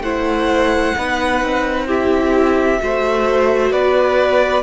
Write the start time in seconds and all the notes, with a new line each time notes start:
0.00 A3 E4 C5 F#5
0.97 B3 D#4 B4
1.42 C4
1.87 E4 G4 E5
2.79 A3 F#4 C5
3.72 B3 B4 D5